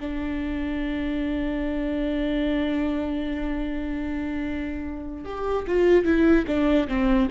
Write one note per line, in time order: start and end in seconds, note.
0.00 5.25 D4
5.25 5.65 G4
5.67 6.05 F4
6.05 6.45 E4
6.47 6.87 D4
6.88 7.28 C4